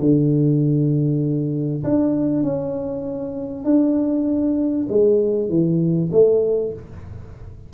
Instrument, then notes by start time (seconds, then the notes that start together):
tuba
0.00 D3
1.84 D4
2.43 C#4
3.65 D4
4.90 G#3
5.49 E3
6.12 A3